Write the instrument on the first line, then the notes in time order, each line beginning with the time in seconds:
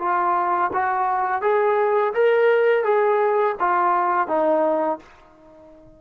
trombone
0.00 F4
0.74 F#4
1.42 G#4
2.14 A#4
2.84 G#4
3.60 F4
4.28 D#4